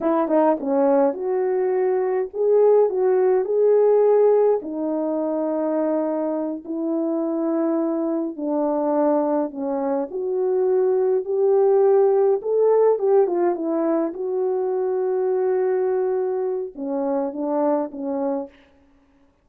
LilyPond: \new Staff \with { instrumentName = "horn" } { \time 4/4 \tempo 4 = 104 e'8 dis'8 cis'4 fis'2 | gis'4 fis'4 gis'2 | dis'2.~ dis'8 e'8~ | e'2~ e'8 d'4.~ |
d'8 cis'4 fis'2 g'8~ | g'4. a'4 g'8 f'8 e'8~ | e'8 fis'2.~ fis'8~ | fis'4 cis'4 d'4 cis'4 | }